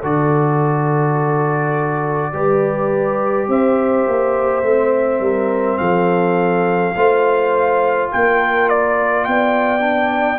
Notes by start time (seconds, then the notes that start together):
0.00 D3 F#4 A4 D5
2.32 G3 G4 B4
3.48 C4 C5 E5
4.07 A#3
4.62 A3 C4
5.20 G3 A#4
5.77 F3 A4 F5
6.95 A3 F4 C5
8.11 A#3 A#4 G5
8.69 D5
9.24 B3 D5 G5
9.79 D4